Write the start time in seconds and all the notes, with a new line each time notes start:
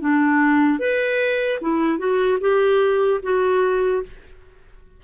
0.00 D4
0.79 B4
1.61 E4
1.98 F#4
2.40 G4
3.23 F#4